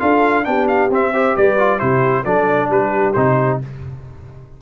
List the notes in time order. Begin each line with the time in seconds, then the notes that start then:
0.00 D4 F4 A4 F5
0.45 B3 D4 G4 G5
0.68 F5
0.90 C4 E5
1.13 G4 C5
1.36 G3 B4 D5
1.58 F4
1.79 C3 E4 G4 C5
2.25 F#3 D4 A4 D5
2.70 G3 G4 B4
3.13 C3 D#4 C5